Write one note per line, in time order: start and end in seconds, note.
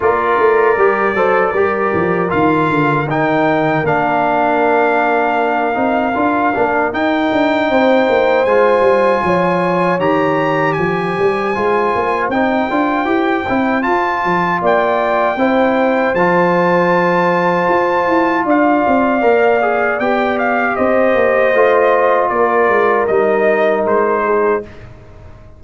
0.00 0.38 A#3
0.00 0.77 F4
0.00 1.16 A#4
0.00 2.30 D5
0.38 0.76 A3
0.76 1.13 G3
0.76 1.15 G4
1.13 1.52 F#3
1.13 1.54 A4
1.13 1.52 C5
1.52 1.91 G3
1.52 2.28 G4
1.52 7.67 A#4
1.93 2.32 F3
2.28 2.69 D#3
2.28 3.05 F4
2.28 3.07 F5
2.69 3.06 D3
3.06 3.83 D#3
3.06 3.84 D#4
3.06 3.86 G5
3.83 5.75 A#3
3.83 5.74 D4
3.83 6.93 F5
5.74 6.14 C4
5.74 6.12 D#4
6.14 6.54 D4
6.14 6.53 F4
6.54 6.92 A#3
6.54 6.92 D4
6.92 7.30 D#4
6.92 8.46 D#4
6.92 8.44 G5
7.32 7.69 D4
7.69 8.08 C4
7.69 9.24 C5
8.08 8.45 A#3
8.44 8.80 G#3
8.44 9.99 F4
8.44 9.98 G#5
8.80 9.19 G3
9.23 9.98 F3
9.23 10.77 C#5
9.98 10.75 D#3
9.98 11.53 G4
9.98 10.72 A#5
10.72 11.17 F3
10.72 14.61 C5
10.72 12.26 G#5
11.19 11.56 G3
11.54 11.95 G#3
11.54 12.31 F4
11.95 12.28 A#3
12.28 12.67 C4
12.28 12.70 D#4
12.28 13.83 G5
12.70 13.04 D4
12.70 13.05 F4
13.04 13.43 E4
13.04 13.43 G4
13.49 13.86 C4
13.49 13.81 E4
13.81 15.35 F4
13.81 14.24 F4
13.81 14.59 A5
14.24 14.61 F3
14.61 15.36 A#3
14.61 15.38 D5
14.61 16.14 G5
15.36 16.13 C4
15.36 16.15 E4
15.36 18.45 C5
16.13 17.67 F3
16.13 19.21 F4
16.13 18.45 A5
17.68 18.07 F4
18.07 18.45 E4
18.45 18.83 D4
18.45 20.76 D5
18.45 19.99 F5
18.87 19.23 C4
19.21 19.99 A#3
19.21 19.59 A#4
19.61 20.00 G#4
19.99 20.76 B3
19.99 21.54 G4
19.99 20.37 G5
20.38 20.75 F5
20.75 21.15 C4
20.75 22.30 C5
20.75 22.29 D#5
21.15 21.53 A#3
21.53 22.30 A3
21.53 23.08 F4
22.29 22.68 A#3
22.29 24.24 A#4
22.29 23.06 D5
22.68 23.07 G#3
23.07 23.85 G3
23.07 24.62 D#4
23.07 23.84 D#5
23.85 24.62 G#3
23.85 24.63 C5
24.24 24.63 G#4